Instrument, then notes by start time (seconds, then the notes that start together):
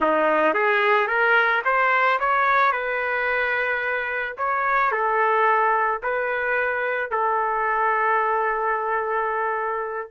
trumpet
0.00 D#4
0.53 G#4
1.07 A#4
1.64 C5
2.19 C#5
2.71 B4
4.37 C#5
4.91 A4
6.02 B4
7.11 A4